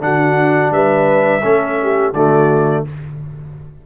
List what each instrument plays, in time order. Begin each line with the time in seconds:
0.00 tuba D3, trombone D4, horn F#4, trumpet F#5
0.71 tuba G3, horn B4, trumpet E5
1.43 tuba A3, trombone C#4, horn A4
1.82 horn G4
2.13 tuba D3, trombone A3, horn F#4, trumpet D5